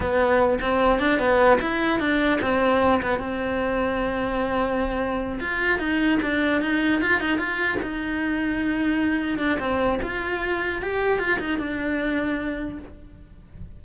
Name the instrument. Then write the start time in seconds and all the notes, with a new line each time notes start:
cello
0.00 B3
0.61 C4
0.99 D4
1.19 B3
1.60 E4
1.99 D4
2.41 C4
3.02 B3
3.19 C4
5.40 F4
5.78 D#4
6.22 D4
6.61 D#4
7.01 F4
7.20 D#4
7.38 F4
7.82 D#4
9.38 D4
9.59 C4
10.02 F4
10.82 G4
11.19 F4
11.39 D#4
11.59 D4